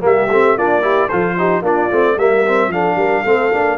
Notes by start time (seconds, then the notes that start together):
0.00 G3 A#3 G4 E5
0.29 A3 C4
0.57 A#3 D4 F4 D5
0.82 E4 G4
1.08 F3 F4 A4 C5
1.38 D#4 G4
1.62 A#3 D4 F4 D5
1.91 A3 C4
2.17 G3 A#3 A#4 E5
2.46 C4
2.68 F3 D4 A4 F5
2.95 G3 A#4
3.24 A3 C4 A4
3.52 A#3 D4